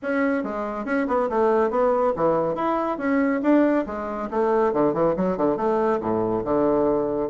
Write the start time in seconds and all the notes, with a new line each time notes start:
0.02 C#4
0.43 G#3
0.85 C#4
1.07 B3
1.29 A3
1.70 B3
2.16 E3
2.55 E4
2.98 C#4
3.42 D4
3.86 G#3
4.30 A3
4.73 D3
4.93 E3
5.16 F#3
5.37 D3
5.56 A3
6.00 A2
6.44 D3